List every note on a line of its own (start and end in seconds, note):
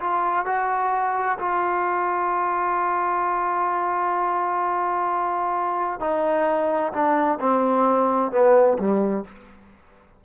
0.00 0.46 F4
0.46 1.38 F#4
1.39 6.00 F4
6.00 6.92 D#4
6.93 7.39 D4
7.40 8.32 C4
8.32 8.78 B3
8.78 9.24 G3